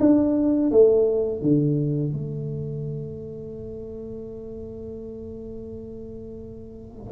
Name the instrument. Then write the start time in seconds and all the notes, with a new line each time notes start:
tuba
0.00 D4
0.71 A3
1.41 D3
2.13 A3